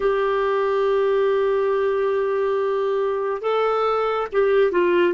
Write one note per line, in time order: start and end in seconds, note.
0.00 3.41 G4
3.41 4.27 A4
4.32 4.71 G4
4.71 5.14 F4